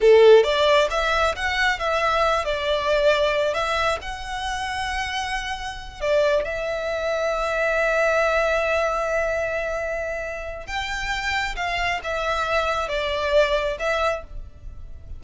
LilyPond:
\new Staff \with { instrumentName = "violin" } { \time 4/4 \tempo 4 = 135 a'4 d''4 e''4 fis''4 | e''4. d''2~ d''8 | e''4 fis''2.~ | fis''4. d''4 e''4.~ |
e''1~ | e''1 | g''2 f''4 e''4~ | e''4 d''2 e''4 | }